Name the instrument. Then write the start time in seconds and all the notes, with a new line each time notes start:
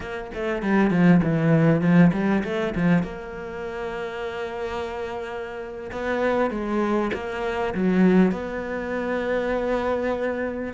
cello
0.00 A#3
0.34 A3
0.62 G3
0.90 F3
1.23 E3
1.81 F3
2.12 G3
2.44 A3
2.75 F3
3.02 A#3
5.91 B3
6.50 G#3
7.13 A#3
7.74 F#3
8.31 B3